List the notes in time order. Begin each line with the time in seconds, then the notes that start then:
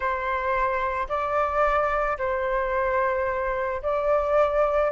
0.00 C5
1.08 D5
2.18 C5
3.82 D5